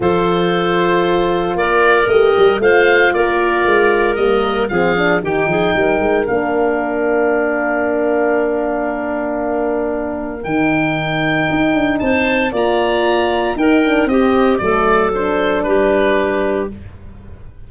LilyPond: <<
  \new Staff \with { instrumentName = "oboe" } { \time 4/4 \tempo 4 = 115 c''2. d''4 | dis''4 f''4 d''2 | dis''4 f''4 g''2 | f''1~ |
f''1 | g''2. a''4 | ais''2 g''4 dis''4 | d''4 c''4 b'2 | }
  \new Staff \with { instrumentName = "clarinet" } { \time 4/4 a'2. ais'4~ | ais'4 c''4 ais'2~ | ais'4 gis'4 g'8 gis'8 ais'4~ | ais'1~ |
ais'1~ | ais'2. c''4 | d''2 ais'4 g'4 | a'2 g'2 | }
  \new Staff \with { instrumentName = "horn" } { \time 4/4 f'1 | g'4 f'2. | ais4 c'8 d'8 dis'2 | d'1~ |
d'1 | dis'1 | f'2 dis'8 d'8 c'4 | a4 d'2. | }
  \new Staff \with { instrumentName = "tuba" } { \time 4/4 f2. ais4 | a8 g8 a4 ais4 gis4 | g4 f4 dis8 f8 g8 gis8 | ais1~ |
ais1 | dis2 dis'8 d'8 c'4 | ais2 dis'4 c'4 | fis2 g2 | }
>>